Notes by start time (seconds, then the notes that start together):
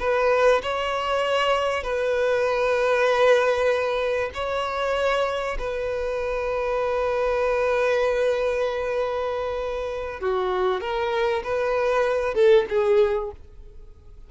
0.00 B4
0.63 C#5
1.84 B4
4.34 C#5
5.59 B4
10.21 F#4
10.81 A#4
11.44 B4
12.35 A4
12.70 G#4